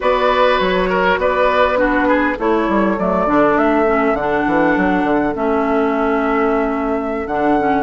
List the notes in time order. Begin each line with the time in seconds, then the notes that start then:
0.00 B3 F#4 B4 D5
0.59 F#3 C#5
0.89 A#4
1.17 B3 B4 D5
1.76 D4 F#4 B4
2.08 G#4
2.37 A3 E4 A4 C#5
2.68 G3
2.98 F#3 A3 D5
3.26 D3 D4
3.56 A3 E5
3.86 C#4
4.13 D3 D4 F#5
4.47 E3
4.76 F#3
5.03 D3
5.34 A3 C#4 E5
7.26 D3 D4 F#5
7.59 C#4